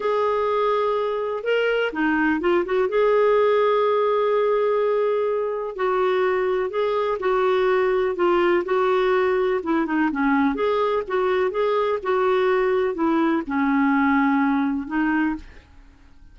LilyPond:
\new Staff \with { instrumentName = "clarinet" } { \time 4/4 \tempo 4 = 125 gis'2. ais'4 | dis'4 f'8 fis'8 gis'2~ | gis'1 | fis'2 gis'4 fis'4~ |
fis'4 f'4 fis'2 | e'8 dis'8 cis'4 gis'4 fis'4 | gis'4 fis'2 e'4 | cis'2. dis'4 | }